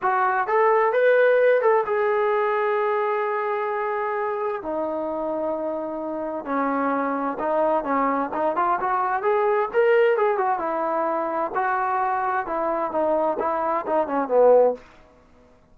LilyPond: \new Staff \with { instrumentName = "trombone" } { \time 4/4 \tempo 4 = 130 fis'4 a'4 b'4. a'8 | gis'1~ | gis'2 dis'2~ | dis'2 cis'2 |
dis'4 cis'4 dis'8 f'8 fis'4 | gis'4 ais'4 gis'8 fis'8 e'4~ | e'4 fis'2 e'4 | dis'4 e'4 dis'8 cis'8 b4 | }